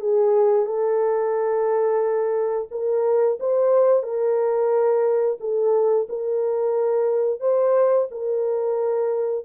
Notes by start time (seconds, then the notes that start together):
0.00 G#4
0.66 A4
2.71 A#4
3.40 C5
4.03 A#4
5.40 A4
6.09 A#4
7.40 C5
8.11 A#4